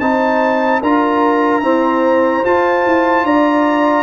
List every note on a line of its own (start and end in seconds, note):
0.00 0.81 C4
0.00 0.82 D#4
0.00 0.81 C5
0.00 0.81 A5
0.81 1.63 D4
0.81 1.62 F4
0.81 1.62 A#4
0.81 2.45 A#5
1.62 2.43 C4
1.62 2.44 E4
1.62 3.25 C5
2.44 4.03 F4
2.44 2.85 F4
2.44 3.26 A5
2.86 3.23 E4
3.23 4.03 D4
3.23 4.03 D5
3.23 4.03 A#5